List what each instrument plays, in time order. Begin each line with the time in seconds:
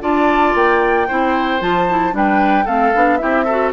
0.00 bassoon D4, clarinet F4, oboe D5, flute A5
0.54 bassoon A#3, flute G5
1.07 bassoon C4, clarinet E4, oboe C5
1.60 bassoon F3, clarinet F4, flute A5
1.89 clarinet E4
2.11 bassoon G3, clarinet D4, oboe B4, flute G5
2.64 bassoon A3, clarinet C4, oboe A4, flute F5
2.94 bassoon B3, clarinet D4
3.16 clarinet E4, oboe G4, flute E5
3.23 bassoon C4
3.45 clarinet F#4, oboe A4